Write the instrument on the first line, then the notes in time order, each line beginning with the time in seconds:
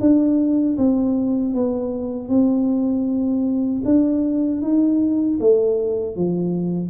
tuba
0.00 D4
0.77 C4
1.54 B3
2.29 C4
3.85 D4
4.61 D#4
5.40 A3
6.16 F3